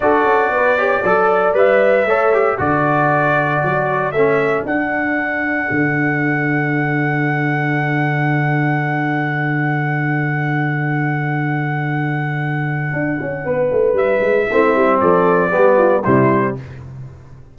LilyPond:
<<
  \new Staff \with { instrumentName = "trumpet" } { \time 4/4 \tempo 4 = 116 d''2. e''4~ | e''4 d''2. | e''4 fis''2.~ | fis''1~ |
fis''1~ | fis''1~ | fis''2. e''4~ | e''4 d''2 c''4 | }
  \new Staff \with { instrumentName = "horn" } { \time 4/4 a'4 b'8 cis''8 d''2 | cis''4 a'2.~ | a'1~ | a'1~ |
a'1~ | a'1~ | a'2 b'2 | e'4 a'4 g'8 f'8 e'4 | }
  \new Staff \with { instrumentName = "trombone" } { \time 4/4 fis'4. g'8 a'4 b'4 | a'8 g'8 fis'2. | cis'4 d'2.~ | d'1~ |
d'1~ | d'1~ | d'1 | c'2 b4 g4 | }
  \new Staff \with { instrumentName = "tuba" } { \time 4/4 d'8 cis'8 b4 fis4 g4 | a4 d2 fis4 | a4 d'2 d4~ | d1~ |
d1~ | d1~ | d4 d'8 cis'8 b8 a8 g8 gis8 | a8 g8 f4 g4 c4 | }
>>